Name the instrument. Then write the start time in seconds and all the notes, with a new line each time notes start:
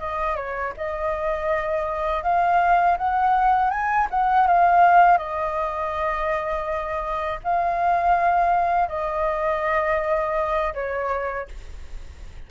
flute
0.00 D#5
0.36 C#5
0.77 D#5
2.24 F5
2.98 F#5
3.71 G#5
4.11 F#5
4.47 F5
5.18 D#5
7.44 F5
8.89 D#5
10.74 C#5